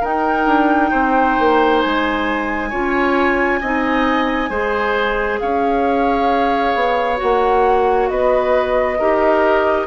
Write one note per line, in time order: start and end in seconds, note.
0.00 2.71 D#4
0.00 0.46 D#4
0.00 0.90 A#4
0.00 1.80 G5
0.46 0.90 D4
0.90 1.37 C4
0.90 2.69 C5
1.39 1.84 A#3
1.80 2.72 G#3
1.80 5.38 G#5
2.69 3.61 C#4
2.69 3.60 F4
2.69 3.59 C#5
3.60 4.49 C4
3.60 4.49 D#4
3.60 4.49 D#5
4.49 5.39 G#3
4.49 7.16 G#4
4.49 5.39 C5
5.39 6.74 C#4
5.39 8.10 C#5
5.39 7.18 F5
6.74 7.19 B3
7.16 8.09 A#3
7.16 8.96 F#4
7.16 8.08 F#5
8.08 8.99 B3
8.08 8.98 B4
8.08 9.86 D#5
8.98 9.86 D#4
8.98 9.86 G4
8.98 9.86 A#4